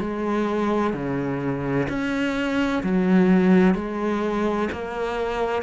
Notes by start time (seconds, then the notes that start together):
0.00 G#3
0.93 C#3
1.89 C#4
2.83 F#3
3.75 G#3
4.72 A#3